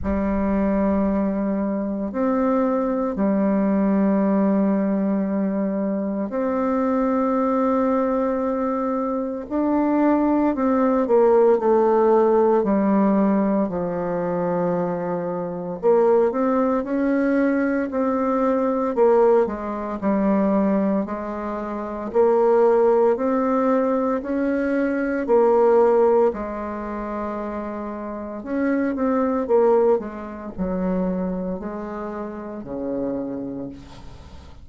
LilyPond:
\new Staff \with { instrumentName = "bassoon" } { \time 4/4 \tempo 4 = 57 g2 c'4 g4~ | g2 c'2~ | c'4 d'4 c'8 ais8 a4 | g4 f2 ais8 c'8 |
cis'4 c'4 ais8 gis8 g4 | gis4 ais4 c'4 cis'4 | ais4 gis2 cis'8 c'8 | ais8 gis8 fis4 gis4 cis4 | }